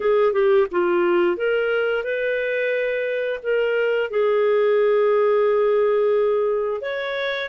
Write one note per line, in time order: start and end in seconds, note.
0.00 0.32 G#4
0.32 0.67 G4
0.71 1.36 F4
1.36 2.03 A#4
2.03 3.39 B4
3.42 4.10 A#4
4.10 6.81 G#4
6.81 7.49 C#5